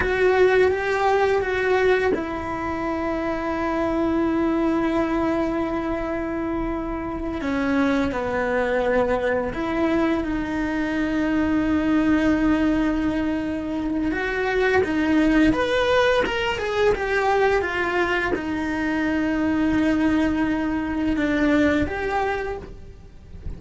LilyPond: \new Staff \with { instrumentName = "cello" } { \time 4/4 \tempo 4 = 85 fis'4 g'4 fis'4 e'4~ | e'1~ | e'2~ e'8 cis'4 b8~ | b4. e'4 dis'4.~ |
dis'1 | fis'4 dis'4 b'4 ais'8 gis'8 | g'4 f'4 dis'2~ | dis'2 d'4 g'4 | }